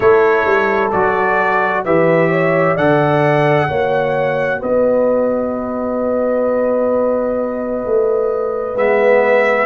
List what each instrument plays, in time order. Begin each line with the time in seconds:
0.00 tuba A3, trombone E4, horn A4, trumpet C#5
0.45 tuba G3
0.91 tuba F#3, trombone F#4, trumpet D5
1.84 tuba E3, trombone G4, horn B4, trumpet E5
2.29 horn C#5
2.75 tuba D3, trombone A4, horn D5, trumpet F#5
3.67 tuba A#3, trombone F#4, horn C#5
4.59 tuba B3, horn B4, trumpet D#5
7.85 tuba A3
8.74 tuba G#3, trombone B3, trumpet E5